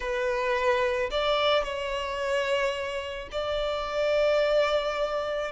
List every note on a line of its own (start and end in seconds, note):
0.00 1.10 B4
1.10 1.63 D5
1.63 3.28 C#5
3.31 5.51 D5